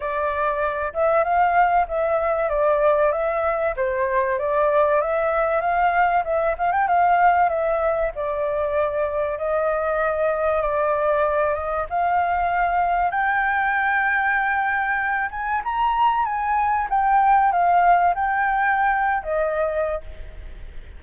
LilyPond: \new Staff \with { instrumentName = "flute" } { \time 4/4 \tempo 4 = 96 d''4. e''8 f''4 e''4 | d''4 e''4 c''4 d''4 | e''4 f''4 e''8 f''16 g''16 f''4 | e''4 d''2 dis''4~ |
dis''4 d''4. dis''8 f''4~ | f''4 g''2.~ | g''8 gis''8 ais''4 gis''4 g''4 | f''4 g''4.~ g''16 dis''4~ dis''16 | }